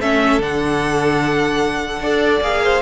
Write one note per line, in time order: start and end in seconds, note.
0.00 0.39 A3
0.00 0.41 C#4
0.00 2.02 A4
0.00 0.42 E5
0.39 2.00 D3
0.39 2.02 D4
0.39 2.43 F#5
2.00 2.41 D4
2.00 2.42 A4
2.00 2.63 D5
2.41 2.81 A#3
2.41 2.82 G#4
2.41 2.82 F5
2.64 2.82 C5